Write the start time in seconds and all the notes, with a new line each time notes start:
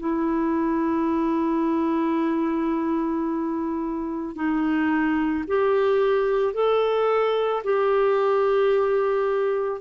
0.00 E4
4.35 D#4
5.48 G4
6.54 A4
7.64 G4